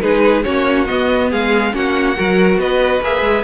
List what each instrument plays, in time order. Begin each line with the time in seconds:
0.00 cello G#3, viola D#4, violin G#4 B4
0.43 cello A#3, viola C#4, violin F#4 C#5
0.86 viola B3, cello B3, violin D#5
1.29 cello G#3, violin G#4 F5
1.72 cello A#3, viola C#4, violin F#4 F#5
2.15 cello F#3, viola F#4, violin A#4
2.57 cello B3, violin B4 D#5
3.01 cello A#3, viola G#4, violin E5
3.21 cello G#3